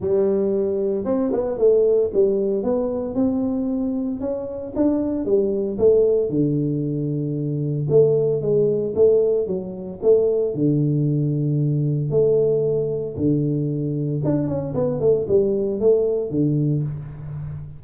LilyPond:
\new Staff \with { instrumentName = "tuba" } { \time 4/4 \tempo 4 = 114 g2 c'8 b8 a4 | g4 b4 c'2 | cis'4 d'4 g4 a4 | d2. a4 |
gis4 a4 fis4 a4 | d2. a4~ | a4 d2 d'8 cis'8 | b8 a8 g4 a4 d4 | }